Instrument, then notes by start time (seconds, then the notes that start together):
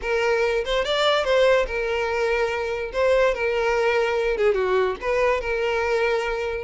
violin
0.01 A#4
0.64 C5
0.84 D5
1.24 C5
1.66 A#4
2.93 C5
3.34 A#4
4.37 G#4
4.54 F#4
5.01 B4
5.40 A#4